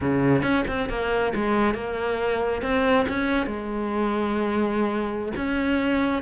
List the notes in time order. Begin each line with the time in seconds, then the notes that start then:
0.00 C#3
0.42 C#4
0.67 C4
0.89 A#3
1.34 G#3
1.74 A#3
2.62 C4
3.08 C#4
3.46 G#3
5.36 C#4